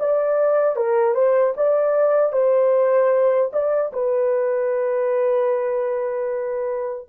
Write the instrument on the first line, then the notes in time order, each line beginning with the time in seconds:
horn
0.00 D5
0.76 A#4
1.14 C5
1.57 D5
2.33 C5
3.53 D5
3.93 B4